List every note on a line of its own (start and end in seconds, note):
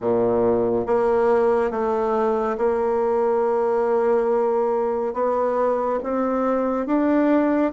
0.00 0.86 A#2
0.86 1.71 A#3
1.71 2.56 A3
2.57 5.13 A#3
5.13 5.99 B3
6.03 6.86 C4
6.86 7.71 D4